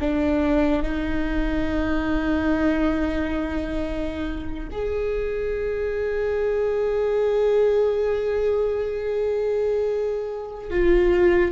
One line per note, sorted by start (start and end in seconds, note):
0.00 0.83 D4
0.83 4.68 D#4
4.71 10.70 G#4
10.70 11.51 F4